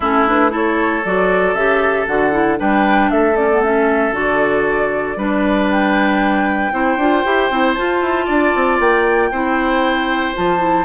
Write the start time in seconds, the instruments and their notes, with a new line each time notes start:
0.00 bassoon A3, clarinet C#4, oboe E4, flute A4
0.27 clarinet D4, flute B4
0.50 clarinet E4, oboe A4, flute C#5
1.04 bassoon F#3, clarinet F#4, flute D5
1.53 bassoon C#3, clarinet G4, flute E5
2.06 bassoon D3, clarinet F#4, flute F#5
2.31 clarinet E4
2.57 bassoon G3, clarinet D4, oboe B4, flute G5
3.10 bassoon A3, oboe A4, flute E5
3.36 clarinet C#4, flute D5
3.50 clarinet B3
3.63 clarinet C#4, flute E5
4.12 bassoon D3, clarinet F#4, flute D5
5.16 bassoon G3, clarinet D4, oboe B4
5.69 flute G5
6.72 bassoon C4, clarinet E4, oboe C5
6.96 bassoon D4, clarinet F4
7.24 bassoon E4, clarinet G4
7.50 bassoon C4, clarinet E4
7.74 clarinet F4, bassoon F4, flute A5
8.01 bassoon E4
8.25 bassoon D4, oboe D5
8.55 bassoon C4
8.79 bassoon A#3, flute G5
9.31 bassoon C4, clarinet E4, oboe C5
10.34 bassoon F3, clarinet F4, flute A5
10.58 clarinet E4